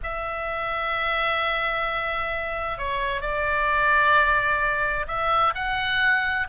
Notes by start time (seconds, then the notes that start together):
0.03 E5
2.78 C#5
3.21 D5
5.07 E5
5.54 F#5